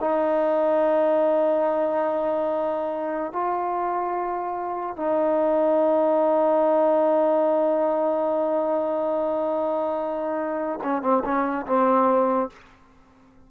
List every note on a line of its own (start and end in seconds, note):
0.00 3.33 D#4
3.33 4.97 F4
4.97 10.80 D#4
10.83 11.02 C#4
11.02 11.23 C4
11.25 11.66 C#4
11.67 12.50 C4